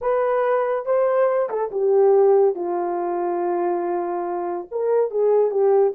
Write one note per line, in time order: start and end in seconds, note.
0.01 0.85 B4
0.85 1.49 C5
1.49 1.71 A4
1.71 2.55 G4
2.55 4.68 F4
4.71 5.10 A#4
5.10 5.50 G#4
5.50 5.93 G4